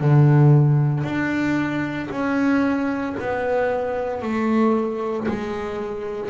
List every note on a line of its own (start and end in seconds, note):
0.00 1.03 D3
1.03 2.09 D4
2.11 3.16 C#4
3.19 4.22 B3
4.22 5.27 A3
5.28 6.29 G#3